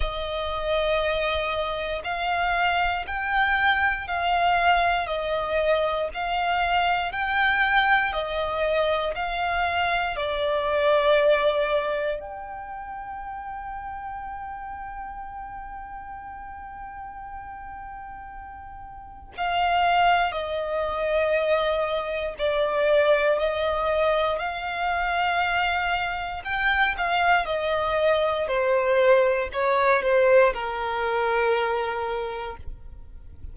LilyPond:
\new Staff \with { instrumentName = "violin" } { \time 4/4 \tempo 4 = 59 dis''2 f''4 g''4 | f''4 dis''4 f''4 g''4 | dis''4 f''4 d''2 | g''1~ |
g''2. f''4 | dis''2 d''4 dis''4 | f''2 g''8 f''8 dis''4 | c''4 cis''8 c''8 ais'2 | }